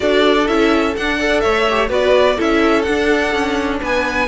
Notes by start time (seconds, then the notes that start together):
0.00 D4 F#4 A4 D5
0.47 C#4 E4 E5
0.96 D4 F#5
1.17 A4 D5
1.40 A3 C#5 E5
1.70 G4
1.89 B3 F#4 B4 D5
2.37 C#4 E4 A4 E5
2.82 D4 F#5
3.33 C#4
3.80 B3 B4 G#5